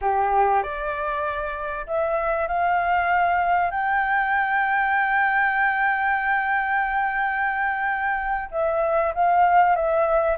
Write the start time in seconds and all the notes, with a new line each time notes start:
0.01 G4
0.62 D5
1.86 E5
2.47 F5
3.70 G5
8.51 E5
9.14 F5
9.75 E5